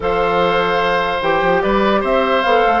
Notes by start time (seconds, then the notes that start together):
0.00 F3 A4 C5 F5
1.21 E3 G4 G5
1.41 F3
1.61 G3 B4 D5
2.00 C4 C5 E5
2.42 B3 A4 F5
2.66 A3